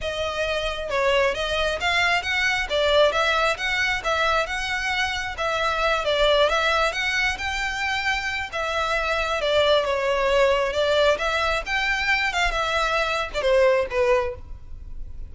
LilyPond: \new Staff \with { instrumentName = "violin" } { \time 4/4 \tempo 4 = 134 dis''2 cis''4 dis''4 | f''4 fis''4 d''4 e''4 | fis''4 e''4 fis''2 | e''4. d''4 e''4 fis''8~ |
fis''8 g''2~ g''8 e''4~ | e''4 d''4 cis''2 | d''4 e''4 g''4. f''8 | e''4.~ e''16 d''16 c''4 b'4 | }